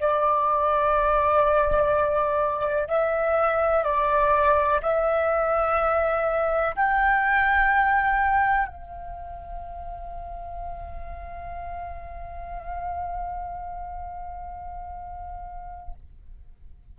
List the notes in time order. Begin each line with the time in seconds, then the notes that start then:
0.00 D5
2.88 E5
3.84 D5
4.82 E5
6.76 G5
8.68 F5